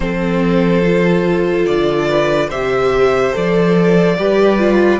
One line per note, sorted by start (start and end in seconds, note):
0.00 1.66 F3
0.00 0.82 C4
0.00 2.08 A4
0.00 1.65 C5
0.84 2.51 F4
1.66 2.51 D3
1.66 2.49 D5
2.08 2.48 B4
2.48 3.34 C3
2.48 3.32 G4
2.48 4.15 C5
2.48 3.34 E5
3.32 4.17 F3
3.32 4.16 A4
3.32 5.00 D5
4.17 5.00 G3
4.17 4.58 G4
4.17 5.00 B4
4.58 5.00 F4